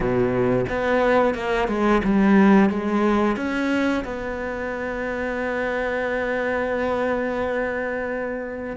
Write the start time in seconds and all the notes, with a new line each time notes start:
0.00 B2
0.69 B3
1.34 A#3
1.68 G#3
2.04 G3
2.69 G#3
3.36 C#4
4.04 B3